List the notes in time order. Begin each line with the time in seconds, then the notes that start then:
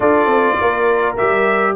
0.00 D4 F4 A4 D5
0.25 C4
0.61 A#3 A#4
1.16 G3 G4 E5